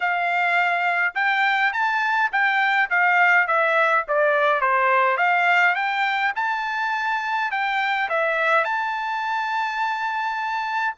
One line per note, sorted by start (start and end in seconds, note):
0.00 1.14 F5
1.15 1.72 G5
1.72 2.30 A5
2.32 2.89 G5
2.90 3.47 F5
3.47 4.05 E5
4.08 4.60 D5
4.60 5.17 C5
5.17 5.75 F5
5.75 6.33 G5
6.35 7.51 A5
7.51 8.08 G5
8.09 8.64 E5
8.64 10.95 A5